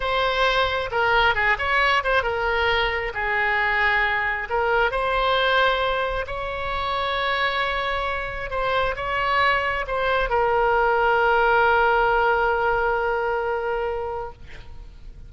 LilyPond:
\new Staff \with { instrumentName = "oboe" } { \time 4/4 \tempo 4 = 134 c''2 ais'4 gis'8 cis''8~ | cis''8 c''8 ais'2 gis'4~ | gis'2 ais'4 c''4~ | c''2 cis''2~ |
cis''2. c''4 | cis''2 c''4 ais'4~ | ais'1~ | ais'1 | }